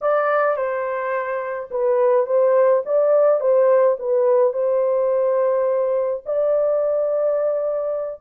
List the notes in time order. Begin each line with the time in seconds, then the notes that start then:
0.01 D5
0.56 C5
1.70 B4
2.26 C5
2.85 D5
3.40 C5
3.99 B4
4.53 C5
6.25 D5